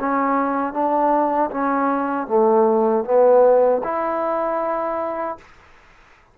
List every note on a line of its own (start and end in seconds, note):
0.00 0.74 C#4
0.74 1.51 D4
1.51 2.28 C#4
2.28 3.05 A3
3.05 3.82 B3
3.84 5.38 E4